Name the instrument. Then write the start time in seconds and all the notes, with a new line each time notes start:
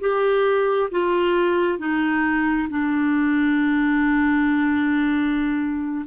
clarinet
0.00 G4
0.91 F4
1.79 D#4
2.69 D4